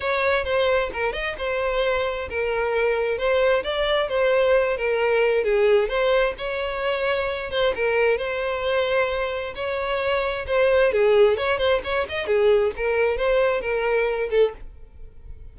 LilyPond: \new Staff \with { instrumentName = "violin" } { \time 4/4 \tempo 4 = 132 cis''4 c''4 ais'8 dis''8 c''4~ | c''4 ais'2 c''4 | d''4 c''4. ais'4. | gis'4 c''4 cis''2~ |
cis''8 c''8 ais'4 c''2~ | c''4 cis''2 c''4 | gis'4 cis''8 c''8 cis''8 dis''8 gis'4 | ais'4 c''4 ais'4. a'8 | }